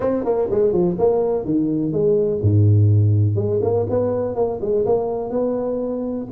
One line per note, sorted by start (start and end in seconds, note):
0.00 0.24 C4
0.24 0.48 A#3
0.50 0.72 G#3
0.72 0.96 F3
0.98 1.45 A#3
1.45 1.92 D#3
1.92 2.40 G#3
2.42 3.35 G#2
3.35 3.60 G#3
3.62 3.86 A#3
3.89 4.35 B3
4.35 4.59 A#3
4.61 4.85 G#3
4.85 5.29 A#3
5.29 6.26 B3